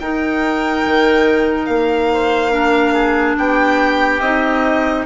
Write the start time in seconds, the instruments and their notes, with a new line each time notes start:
0.00 bassoon D#4, clarinet D#4, oboe A#4, violin G5
0.86 bassoon D#3
1.66 bassoon A#3, violin F5
2.13 oboe C5
2.51 clarinet D4, oboe A#4
2.94 oboe G#4
3.38 bassoon B3, oboe G4, violin G5
4.20 bassoon C4, clarinet D#4, violin D#5